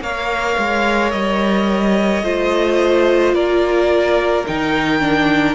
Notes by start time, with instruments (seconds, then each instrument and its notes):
0.00 cello A#3, viola A#4, violin C#5 F5
0.58 cello G#3
1.12 cello G3, violin D#5
2.22 cello A3, viola F4, violin C5
3.33 cello A#3, violin A#4 D5
4.47 cello D#3, viola D#4, violin G5
5.00 viola D4